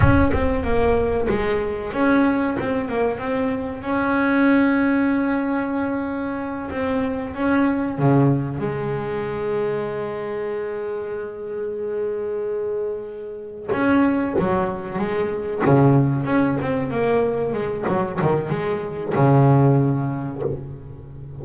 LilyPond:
\new Staff \with { instrumentName = "double bass" } { \time 4/4 \tempo 4 = 94 cis'8 c'8 ais4 gis4 cis'4 | c'8 ais8 c'4 cis'2~ | cis'2~ cis'8 c'4 cis'8~ | cis'8 cis4 gis2~ gis8~ |
gis1~ | gis4. cis'4 fis4 gis8~ | gis8 cis4 cis'8 c'8 ais4 gis8 | fis8 dis8 gis4 cis2 | }